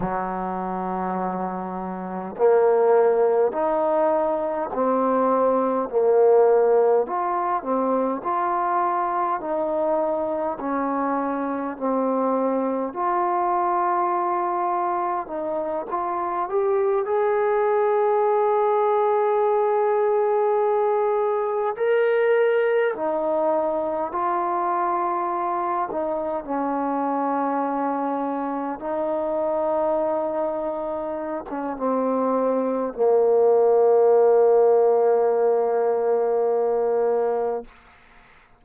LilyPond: \new Staff \with { instrumentName = "trombone" } { \time 4/4 \tempo 4 = 51 fis2 ais4 dis'4 | c'4 ais4 f'8 c'8 f'4 | dis'4 cis'4 c'4 f'4~ | f'4 dis'8 f'8 g'8 gis'4.~ |
gis'2~ gis'8 ais'4 dis'8~ | dis'8 f'4. dis'8 cis'4.~ | cis'8 dis'2~ dis'16 cis'16 c'4 | ais1 | }